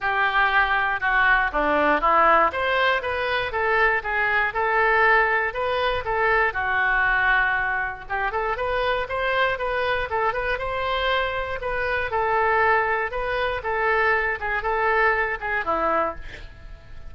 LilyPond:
\new Staff \with { instrumentName = "oboe" } { \time 4/4 \tempo 4 = 119 g'2 fis'4 d'4 | e'4 c''4 b'4 a'4 | gis'4 a'2 b'4 | a'4 fis'2. |
g'8 a'8 b'4 c''4 b'4 | a'8 b'8 c''2 b'4 | a'2 b'4 a'4~ | a'8 gis'8 a'4. gis'8 e'4 | }